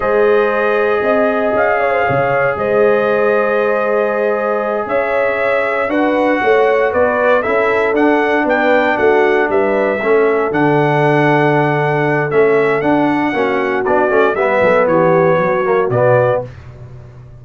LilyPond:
<<
  \new Staff \with { instrumentName = "trumpet" } { \time 4/4 \tempo 4 = 117 dis''2. f''4~ | f''4 dis''2.~ | dis''4. e''2 fis''8~ | fis''4. d''4 e''4 fis''8~ |
fis''8 g''4 fis''4 e''4.~ | e''8 fis''2.~ fis''8 | e''4 fis''2 d''4 | e''4 cis''2 d''4 | }
  \new Staff \with { instrumentName = "horn" } { \time 4/4 c''2 dis''4. cis''16 c''16 | cis''4 c''2.~ | c''4. cis''2 b'8~ | b'8 cis''4 b'4 a'4.~ |
a'8 b'4 fis'4 b'4 a'8~ | a'1~ | a'2 fis'2 | b'8 a'8 g'4 fis'2 | }
  \new Staff \with { instrumentName = "trombone" } { \time 4/4 gis'1~ | gis'1~ | gis'2.~ gis'8 fis'8~ | fis'2~ fis'8 e'4 d'8~ |
d'2.~ d'8 cis'8~ | cis'8 d'2.~ d'8 | cis'4 d'4 cis'4 d'8 cis'8 | b2~ b8 ais8 b4 | }
  \new Staff \with { instrumentName = "tuba" } { \time 4/4 gis2 c'4 cis'4 | cis4 gis2.~ | gis4. cis'2 d'8~ | d'8 a4 b4 cis'4 d'8~ |
d'8 b4 a4 g4 a8~ | a8 d2.~ d8 | a4 d'4 ais4 b8 a8 | g8 fis8 e4 fis4 b,4 | }
>>